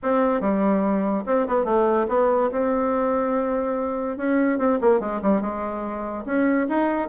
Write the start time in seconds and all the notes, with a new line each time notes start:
0.02 C4
0.41 G3
1.26 C4
1.47 B3
1.65 A3
2.08 B3
2.51 C4
4.17 C#4
4.58 C4
4.80 A#3
5.00 G#3
5.22 G3
5.41 G#3
6.25 C#4
6.69 D#4